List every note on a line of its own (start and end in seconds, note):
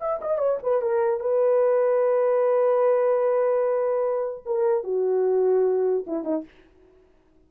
0.00 0.20 E5
0.21 0.38 D#5
0.38 0.58 C#5
0.63 0.81 B4
0.81 1.20 A#4
1.20 4.44 B4
4.45 4.83 A#4
4.83 6.05 F#4
6.07 6.24 E4
6.24 6.44 D#4